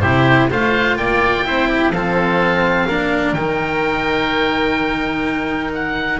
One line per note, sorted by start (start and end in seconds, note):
0.00 0.50 C3
0.00 0.49 E4
0.00 0.49 G4
0.00 0.48 C5
0.50 0.97 A3
0.50 1.44 F4
0.50 0.97 C5
0.50 0.96 F5
0.96 1.44 A#3
0.96 1.45 D5
0.96 1.92 G5
1.44 1.90 C4
1.44 1.92 E4
1.44 1.68 C5
1.68 1.92 G4
1.90 2.85 F3
1.90 2.89 C4
1.90 2.87 A4
1.90 3.33 F5
2.87 3.33 A#3
2.87 3.37 D4
2.87 6.20 A#4
3.33 6.18 D#3
3.33 6.20 D#4
3.33 5.71 G5
5.74 6.20 F#5